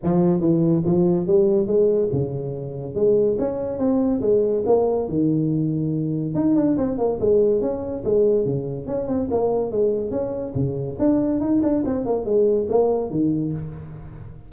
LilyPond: \new Staff \with { instrumentName = "tuba" } { \time 4/4 \tempo 4 = 142 f4 e4 f4 g4 | gis4 cis2 gis4 | cis'4 c'4 gis4 ais4 | dis2. dis'8 d'8 |
c'8 ais8 gis4 cis'4 gis4 | cis4 cis'8 c'8 ais4 gis4 | cis'4 cis4 d'4 dis'8 d'8 | c'8 ais8 gis4 ais4 dis4 | }